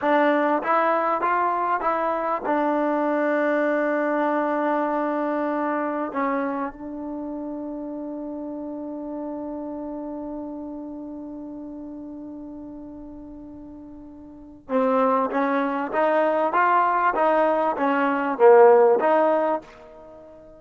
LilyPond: \new Staff \with { instrumentName = "trombone" } { \time 4/4 \tempo 4 = 98 d'4 e'4 f'4 e'4 | d'1~ | d'2 cis'4 d'4~ | d'1~ |
d'1~ | d'1 | c'4 cis'4 dis'4 f'4 | dis'4 cis'4 ais4 dis'4 | }